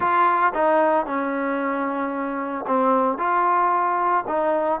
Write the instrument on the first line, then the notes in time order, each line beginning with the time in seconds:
trombone
0.00 F4
0.54 D#4
1.06 C#4
2.67 C4
3.18 F4
4.27 D#4